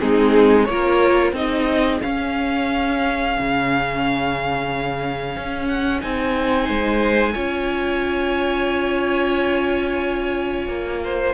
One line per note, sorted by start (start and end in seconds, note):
0.00 0.69 G#3
0.00 0.67 C4
0.00 0.68 D#4
0.00 0.65 G#4
0.65 1.32 A#3
0.65 1.34 F4
0.65 1.35 A#4
0.65 1.31 C#5
1.32 1.99 C4
1.32 2.01 D#4
1.32 6.65 G#4
1.32 2.02 D#5
2.02 6.00 C#4
2.02 3.37 C#4
2.02 5.67 F5
3.38 5.36 C#3
5.36 6.03 C#4
5.67 6.01 F#5
6.00 6.69 C4
6.00 7.33 D#4
6.00 11.34 G#5
6.65 7.35 G#3
6.65 7.31 C5
7.34 10.68 C#4
7.34 11.34 F4
7.34 11.01 C#5
10.68 11.34 A#3
11.04 11.34 C5